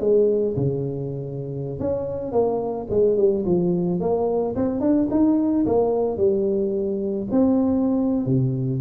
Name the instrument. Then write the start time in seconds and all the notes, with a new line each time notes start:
tuba
0.00 G#3
0.56 C#3
1.79 C#4
2.32 A#3
2.89 G#3
3.17 G3
3.45 F3
4.00 A#3
4.55 C4
4.80 D4
5.10 D#4
5.66 A#3
6.17 G3
7.31 C4
8.26 C3